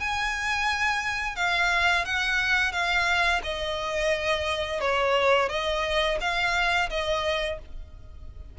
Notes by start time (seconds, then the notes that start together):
0.00 G#5
1.36 F5
2.05 F#5
2.72 F5
3.44 D#5
4.81 C#5
5.49 D#5
6.21 F5
6.90 D#5